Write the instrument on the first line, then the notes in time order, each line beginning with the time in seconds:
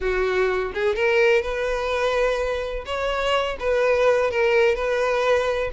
violin
0.00 F#4
0.73 G#4
0.95 A#4
1.42 B4
2.85 C#5
3.59 B4
4.31 A#4
4.75 B4